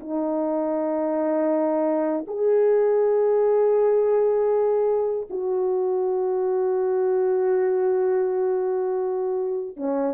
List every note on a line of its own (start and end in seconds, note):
0.00 2.25 D#4
2.27 5.27 G#4
5.29 9.76 F#4
9.76 10.14 C#4